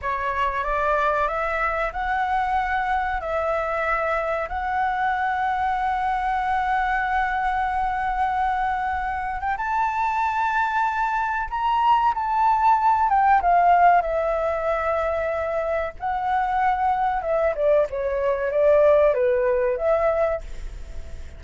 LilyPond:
\new Staff \with { instrumentName = "flute" } { \time 4/4 \tempo 4 = 94 cis''4 d''4 e''4 fis''4~ | fis''4 e''2 fis''4~ | fis''1~ | fis''2~ fis''8. g''16 a''4~ |
a''2 ais''4 a''4~ | a''8 g''8 f''4 e''2~ | e''4 fis''2 e''8 d''8 | cis''4 d''4 b'4 e''4 | }